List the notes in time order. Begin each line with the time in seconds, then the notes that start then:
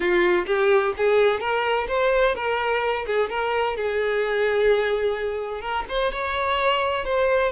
0.00 F4
0.46 G4
0.97 G#4
1.40 A#4
1.88 C5
2.35 A#4
3.06 G#4
3.29 A#4
3.76 G#4
5.61 A#4
5.88 C5
6.12 C#5
7.05 C5